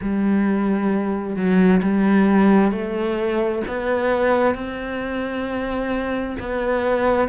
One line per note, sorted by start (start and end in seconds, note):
0.01 1.36 G3
1.36 1.81 F#3
1.82 2.71 G3
2.71 3.62 A3
3.67 4.55 B3
4.55 6.36 C4
6.39 7.28 B3